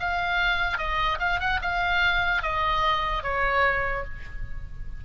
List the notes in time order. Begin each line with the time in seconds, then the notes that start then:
0.00 F5
0.78 D#5
1.20 F5
1.40 F#5
1.62 F5
2.43 D#5
3.23 C#5